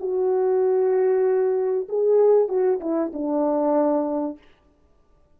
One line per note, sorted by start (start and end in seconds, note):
0.00 1.88 F#4
1.89 2.48 G#4
2.48 2.80 F#4
2.80 3.11 E4
3.13 4.38 D4